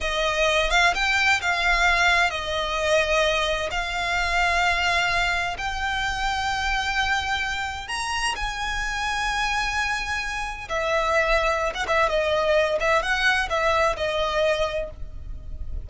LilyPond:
\new Staff \with { instrumentName = "violin" } { \time 4/4 \tempo 4 = 129 dis''4. f''8 g''4 f''4~ | f''4 dis''2. | f''1 | g''1~ |
g''4 ais''4 gis''2~ | gis''2. e''4~ | e''4~ e''16 fis''16 e''8 dis''4. e''8 | fis''4 e''4 dis''2 | }